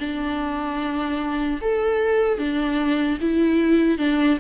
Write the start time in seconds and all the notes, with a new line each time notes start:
0.00 D4
1.61 A4
2.39 D4
3.21 E4
3.98 D4